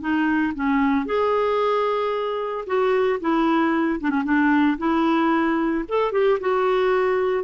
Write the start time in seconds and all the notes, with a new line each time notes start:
0.00 D#4
0.54 C#4
1.05 G#4
2.66 F#4
3.20 E4
4.00 D4
4.10 C#4
4.24 D4
4.78 E4
5.88 A4
6.12 G4
6.40 F#4